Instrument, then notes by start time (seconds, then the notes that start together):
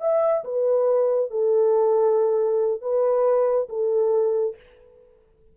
horn
0.00 E5
0.44 B4
1.30 A4
2.81 B4
3.69 A4